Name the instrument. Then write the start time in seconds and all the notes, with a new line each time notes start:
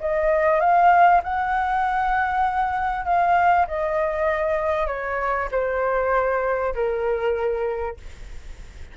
flute
0.00 D#5
0.60 F5
1.23 F#5
3.05 F5
3.67 D#5
4.87 C#5
5.51 C5
6.74 A#4